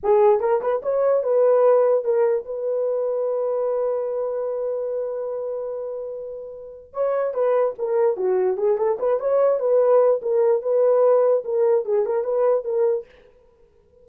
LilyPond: \new Staff \with { instrumentName = "horn" } { \time 4/4 \tempo 4 = 147 gis'4 ais'8 b'8 cis''4 b'4~ | b'4 ais'4 b'2~ | b'1~ | b'1~ |
b'4 cis''4 b'4 ais'4 | fis'4 gis'8 a'8 b'8 cis''4 b'8~ | b'4 ais'4 b'2 | ais'4 gis'8 ais'8 b'4 ais'4 | }